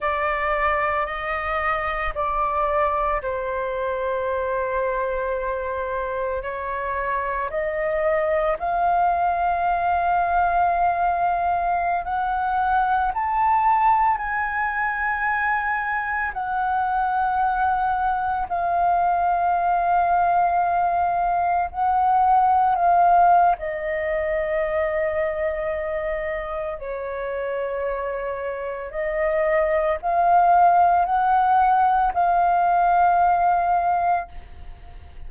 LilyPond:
\new Staff \with { instrumentName = "flute" } { \time 4/4 \tempo 4 = 56 d''4 dis''4 d''4 c''4~ | c''2 cis''4 dis''4 | f''2.~ f''16 fis''8.~ | fis''16 a''4 gis''2 fis''8.~ |
fis''4~ fis''16 f''2~ f''8.~ | f''16 fis''4 f''8. dis''2~ | dis''4 cis''2 dis''4 | f''4 fis''4 f''2 | }